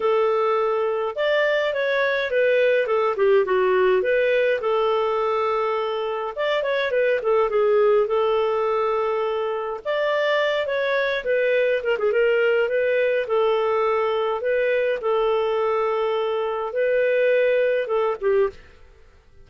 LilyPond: \new Staff \with { instrumentName = "clarinet" } { \time 4/4 \tempo 4 = 104 a'2 d''4 cis''4 | b'4 a'8 g'8 fis'4 b'4 | a'2. d''8 cis''8 | b'8 a'8 gis'4 a'2~ |
a'4 d''4. cis''4 b'8~ | b'8 ais'16 gis'16 ais'4 b'4 a'4~ | a'4 b'4 a'2~ | a'4 b'2 a'8 g'8 | }